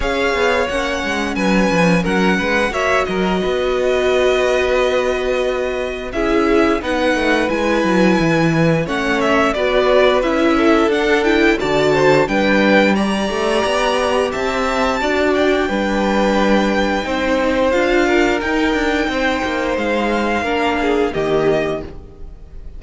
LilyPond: <<
  \new Staff \with { instrumentName = "violin" } { \time 4/4 \tempo 4 = 88 f''4 fis''4 gis''4 fis''4 | e''8 dis''2.~ dis''8~ | dis''4 e''4 fis''4 gis''4~ | gis''4 fis''8 e''8 d''4 e''4 |
fis''8 g''8 a''4 g''4 ais''4~ | ais''4 a''4. g''4.~ | g''2 f''4 g''4~ | g''4 f''2 dis''4 | }
  \new Staff \with { instrumentName = "violin" } { \time 4/4 cis''2 b'4 ais'8 b'8 | cis''8 ais'8 b'2.~ | b'4 gis'4 b'2~ | b'4 cis''4 b'4. a'8~ |
a'4 d''8 c''8 b'4 d''4~ | d''4 e''4 d''4 b'4~ | b'4 c''4. ais'4. | c''2 ais'8 gis'8 g'4 | }
  \new Staff \with { instrumentName = "viola" } { \time 4/4 gis'4 cis'2. | fis'1~ | fis'4 e'4 dis'4 e'4~ | e'4 cis'4 fis'4 e'4 |
d'8 e'8 fis'4 d'4 g'4~ | g'2 fis'4 d'4~ | d'4 dis'4 f'4 dis'4~ | dis'2 d'4 ais4 | }
  \new Staff \with { instrumentName = "cello" } { \time 4/4 cis'8 b8 ais8 gis8 fis8 f8 fis8 gis8 | ais8 fis8 b2.~ | b4 cis'4 b8 a8 gis8 fis8 | e4 a4 b4 cis'4 |
d'4 d4 g4. a8 | b4 c'4 d'4 g4~ | g4 c'4 d'4 dis'8 d'8 | c'8 ais8 gis4 ais4 dis4 | }
>>